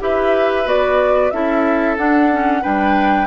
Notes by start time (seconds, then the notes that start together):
0.00 E4 G4 B4 E5
0.65 B3 F#4 D5
1.30 C#4 E4 A4 E5
1.97 D4 F#5
2.32 C#4
2.62 G3 D4 B4 G5